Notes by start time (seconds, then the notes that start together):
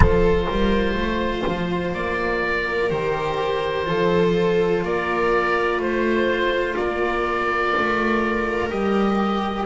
0.00 F3 F4 A4 C5
0.45 G3 A#4
0.94 A3 C5
1.46 F3
1.93 A#3 D5
2.43 A#4
2.89 D#3 G4 C5
3.84 F3 F4 A4
4.84 A#3 A#4 D5
5.77 A3 C5
6.75 A#3 A#4 D5
7.76 A3
8.70 G3 G4 D#5